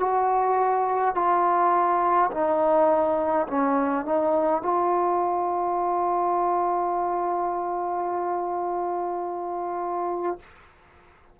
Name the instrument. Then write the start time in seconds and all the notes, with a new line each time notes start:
trombone
0.00 F#4
1.15 F4
2.31 D#4
3.48 C#4
4.05 D#4
4.63 F4